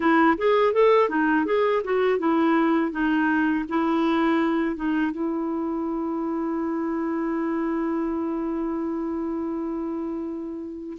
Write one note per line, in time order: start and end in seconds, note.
0.00 0.37 E4
0.37 0.73 G#4
0.73 1.09 A4
1.09 1.45 D#4
1.45 1.82 G#4
1.84 2.19 F#4
2.19 2.91 E4
2.91 3.64 D#4
3.69 4.76 E4
4.76 5.11 D#4
5.11 10.97 E4